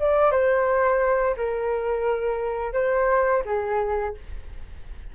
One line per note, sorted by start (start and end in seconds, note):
0.00 0.32 D5
0.32 1.36 C5
1.37 2.74 A#4
2.74 3.44 C5
3.46 4.15 G#4